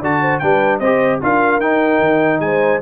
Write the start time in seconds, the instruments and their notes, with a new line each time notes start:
0.00 tuba D3, trombone F#4, horn D5, trumpet A5
0.21 horn C5
0.39 tuba G3, trombone D4, horn B4, trumpet G5
0.79 tuba C4, trombone G4, horn C5, trumpet D#5
1.22 tuba D4, trombone F4, horn A#4, trumpet F5
1.59 tuba D#4, trombone D#4, trumpet G5
2.00 tuba D#3
2.40 tuba G#3, horn C5, trumpet G#5